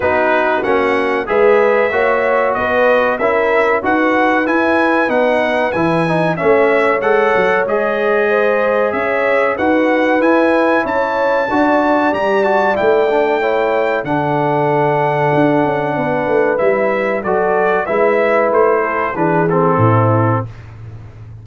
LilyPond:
<<
  \new Staff \with { instrumentName = "trumpet" } { \time 4/4 \tempo 4 = 94 b'4 fis''4 e''2 | dis''4 e''4 fis''4 gis''4 | fis''4 gis''4 e''4 fis''4 | dis''2 e''4 fis''4 |
gis''4 a''2 ais''8 a''8 | g''2 fis''2~ | fis''2 e''4 d''4 | e''4 c''4 b'8 a'4. | }
  \new Staff \with { instrumentName = "horn" } { \time 4/4 fis'2 b'4 cis''4 | b'4 ais'4 b'2~ | b'2 cis''2~ | cis''4 c''4 cis''4 b'4~ |
b'4 cis''4 d''2~ | d''4 cis''4 a'2~ | a'4 b'2 a'4 | b'4. a'8 gis'4 e'4 | }
  \new Staff \with { instrumentName = "trombone" } { \time 4/4 dis'4 cis'4 gis'4 fis'4~ | fis'4 e'4 fis'4 e'4 | dis'4 e'8 dis'8 cis'4 a'4 | gis'2. fis'4 |
e'2 fis'4 g'8 fis'8 | e'8 d'8 e'4 d'2~ | d'2 e'4 fis'4 | e'2 d'8 c'4. | }
  \new Staff \with { instrumentName = "tuba" } { \time 4/4 b4 ais4 gis4 ais4 | b4 cis'4 dis'4 e'4 | b4 e4 a4 gis8 fis8 | gis2 cis'4 dis'4 |
e'4 cis'4 d'4 g4 | a2 d2 | d'8 cis'8 b8 a8 g4 fis4 | gis4 a4 e4 a,4 | }
>>